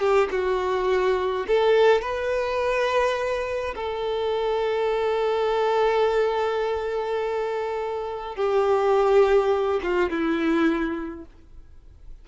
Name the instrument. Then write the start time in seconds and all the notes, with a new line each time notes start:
violin
0.00 G4
0.31 F#4
1.47 A4
2.01 B4
3.75 A4
8.36 G4
9.83 F4
10.10 E4